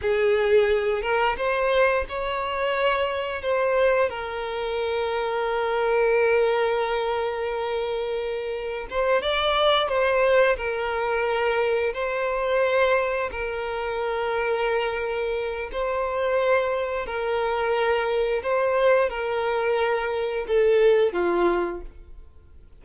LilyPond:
\new Staff \with { instrumentName = "violin" } { \time 4/4 \tempo 4 = 88 gis'4. ais'8 c''4 cis''4~ | cis''4 c''4 ais'2~ | ais'1~ | ais'4 c''8 d''4 c''4 ais'8~ |
ais'4. c''2 ais'8~ | ais'2. c''4~ | c''4 ais'2 c''4 | ais'2 a'4 f'4 | }